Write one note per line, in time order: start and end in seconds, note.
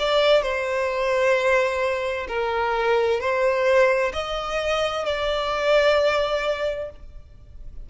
0.00 0.43 D5
0.43 2.27 C5
2.28 3.21 A#4
3.21 4.13 C5
4.13 5.06 D#5
5.06 6.90 D5